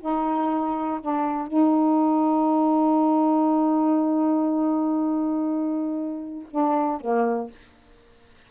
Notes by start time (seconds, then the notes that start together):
0.00 D#4
1.01 D4
1.47 D#4
6.50 D4
7.00 A#3